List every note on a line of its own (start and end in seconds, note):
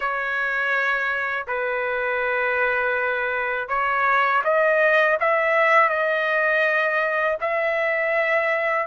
0.00 1.46 C#5
1.47 3.68 B4
3.68 4.42 C#5
4.44 5.18 D#5
5.20 5.89 E5
5.89 7.37 D#5
7.41 8.86 E5